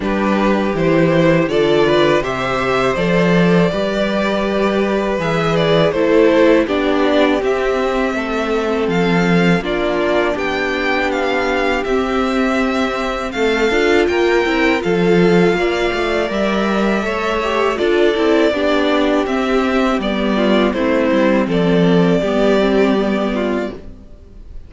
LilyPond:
<<
  \new Staff \with { instrumentName = "violin" } { \time 4/4 \tempo 4 = 81 b'4 c''4 d''4 e''4 | d''2. e''8 d''8 | c''4 d''4 e''2 | f''4 d''4 g''4 f''4 |
e''2 f''4 g''4 | f''2 e''2 | d''2 e''4 d''4 | c''4 d''2. | }
  \new Staff \with { instrumentName = "violin" } { \time 4/4 g'2 a'8 b'8 c''4~ | c''4 b'2. | a'4 g'2 a'4~ | a'4 f'4 g'2~ |
g'2 a'4 ais'4 | a'4 d''2 cis''4 | a'4 g'2~ g'8 f'8 | e'4 a'4 g'4. f'8 | }
  \new Staff \with { instrumentName = "viola" } { \time 4/4 d'4 e'4 f'4 g'4 | a'4 g'2 gis'4 | e'4 d'4 c'2~ | c'4 d'2. |
c'2~ c'8 f'4 e'8 | f'2 ais'4 a'8 g'8 | f'8 e'8 d'4 c'4 b4 | c'2 b8 c'8 b4 | }
  \new Staff \with { instrumentName = "cello" } { \time 4/4 g4 e4 d4 c4 | f4 g2 e4 | a4 b4 c'4 a4 | f4 ais4 b2 |
c'2 a8 d'8 ais8 c'8 | f4 ais8 a8 g4 a4 | d'8 c'8 b4 c'4 g4 | a8 g8 f4 g2 | }
>>